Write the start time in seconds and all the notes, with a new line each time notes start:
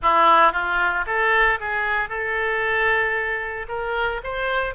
0.02 E4
0.52 F4
1.06 A4
1.60 G#4
2.09 A4
3.68 A#4
4.23 C5